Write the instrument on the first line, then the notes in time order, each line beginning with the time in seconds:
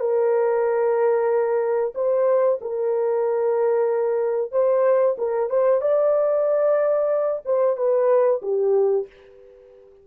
horn
0.00 A#4
1.95 C5
2.61 A#4
4.52 C5
5.18 A#4
5.50 C5
5.81 D5
7.45 C5
7.77 B4
8.42 G4